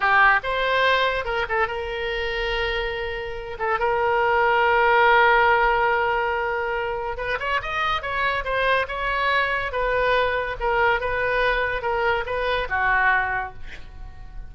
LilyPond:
\new Staff \with { instrumentName = "oboe" } { \time 4/4 \tempo 4 = 142 g'4 c''2 ais'8 a'8 | ais'1~ | ais'8 a'8 ais'2.~ | ais'1~ |
ais'4 b'8 cis''8 dis''4 cis''4 | c''4 cis''2 b'4~ | b'4 ais'4 b'2 | ais'4 b'4 fis'2 | }